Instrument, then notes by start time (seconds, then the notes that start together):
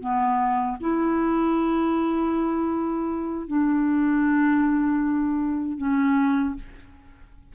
clarinet
0.00 B3
0.80 E4
3.47 D4
5.77 C#4